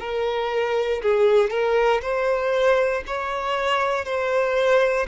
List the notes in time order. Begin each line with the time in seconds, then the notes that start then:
0.00 A#4
1.02 G#4
1.50 A#4
2.02 C5
3.07 C#5
4.05 C5